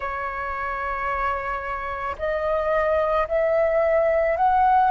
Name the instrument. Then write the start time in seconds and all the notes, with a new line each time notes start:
flute
0.00 C#5
2.18 D#5
3.27 E5
4.36 F#5